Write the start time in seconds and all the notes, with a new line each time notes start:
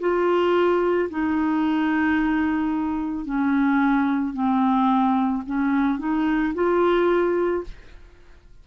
0.00 F4
1.10 D#4
3.25 C#4
4.33 C4
5.45 C#4
5.99 D#4
6.54 F4